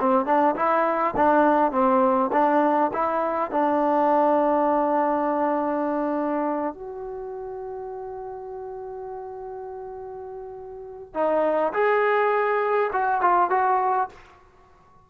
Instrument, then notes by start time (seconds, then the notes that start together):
trombone
0.00 C4
0.26 D4
0.56 E4
1.17 D4
1.72 C4
2.33 D4
2.94 E4
3.51 D4
6.75 F#4
11.14 D#4
11.74 G#4
12.93 F#4
13.22 F4
13.51 F#4